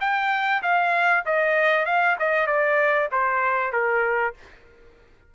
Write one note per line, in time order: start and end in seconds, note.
0.00 0.62 G5
0.62 1.24 F5
1.26 1.85 D#5
1.85 2.16 F5
2.19 2.47 D#5
2.47 3.08 D5
3.12 3.72 C5
3.72 4.34 A#4